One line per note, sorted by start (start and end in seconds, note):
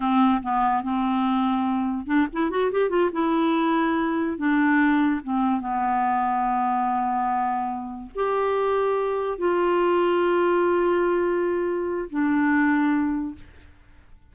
0.00 0.42 C4
0.42 0.83 B3
0.83 2.06 C4
2.06 2.27 D4
2.32 2.50 E4
2.50 2.71 F#4
2.71 2.89 G4
2.89 3.10 F4
3.12 4.37 E4
4.37 5.20 D4
5.23 5.60 C4
5.60 8.10 B3
8.15 9.37 G4
9.37 12.08 F4
12.09 13.34 D4